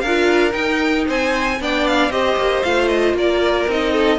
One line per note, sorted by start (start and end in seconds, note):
0.00 0.54 D4
0.00 1.06 A#4
0.00 0.52 F5
0.07 0.51 F4
0.51 1.55 D#4
0.51 1.07 D#4
0.51 1.05 G5
1.06 1.60 C4
1.06 1.58 C5
1.06 1.62 G#5
1.60 2.10 B3
1.60 2.11 D4
1.60 2.12 D5
1.60 1.87 G5
1.87 2.11 F5
2.10 2.36 C4
2.10 2.63 G4
2.10 3.17 C5
2.10 2.63 D#5
2.36 2.62 A#3
2.63 3.13 A3
2.63 3.68 F4
2.63 2.88 F5
2.88 3.14 D#5
3.13 3.66 A#3
3.13 3.92 A#4
3.13 3.70 D5
3.67 4.19 C4
3.67 4.19 D#4
3.67 4.19 D#5
3.92 4.18 A4